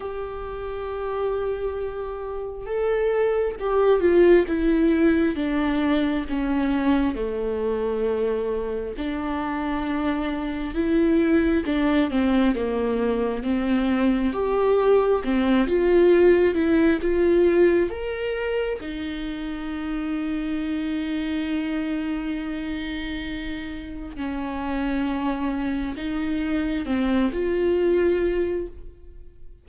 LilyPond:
\new Staff \with { instrumentName = "viola" } { \time 4/4 \tempo 4 = 67 g'2. a'4 | g'8 f'8 e'4 d'4 cis'4 | a2 d'2 | e'4 d'8 c'8 ais4 c'4 |
g'4 c'8 f'4 e'8 f'4 | ais'4 dis'2.~ | dis'2. cis'4~ | cis'4 dis'4 c'8 f'4. | }